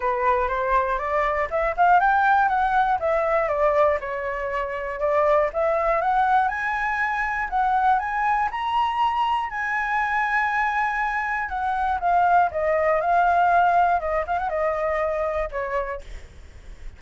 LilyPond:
\new Staff \with { instrumentName = "flute" } { \time 4/4 \tempo 4 = 120 b'4 c''4 d''4 e''8 f''8 | g''4 fis''4 e''4 d''4 | cis''2 d''4 e''4 | fis''4 gis''2 fis''4 |
gis''4 ais''2 gis''4~ | gis''2. fis''4 | f''4 dis''4 f''2 | dis''8 f''16 fis''16 dis''2 cis''4 | }